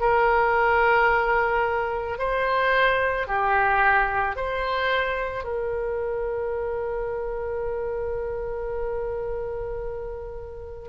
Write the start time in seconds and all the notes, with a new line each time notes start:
0.00 A#4
2.19 C5
3.27 G4
4.36 C5
5.44 A#4